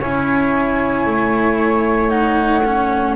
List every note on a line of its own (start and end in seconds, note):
0.00 1.06 C#4
0.00 2.09 E4
0.00 3.16 C#5
0.00 2.09 G#5
1.06 3.16 A3
2.09 2.62 D#4
2.09 3.15 F#5
2.65 3.16 C#4